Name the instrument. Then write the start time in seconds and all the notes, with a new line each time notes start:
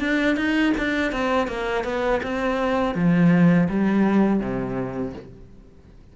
cello
0.00 D4
0.37 D#4
0.78 D4
1.12 C4
1.48 A#3
1.85 B3
2.23 C4
2.95 F3
3.70 G3
4.40 C3